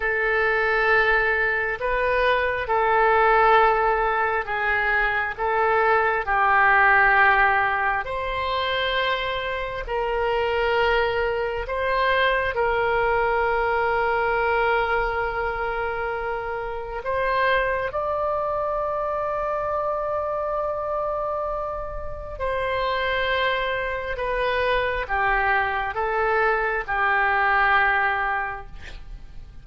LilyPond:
\new Staff \with { instrumentName = "oboe" } { \time 4/4 \tempo 4 = 67 a'2 b'4 a'4~ | a'4 gis'4 a'4 g'4~ | g'4 c''2 ais'4~ | ais'4 c''4 ais'2~ |
ais'2. c''4 | d''1~ | d''4 c''2 b'4 | g'4 a'4 g'2 | }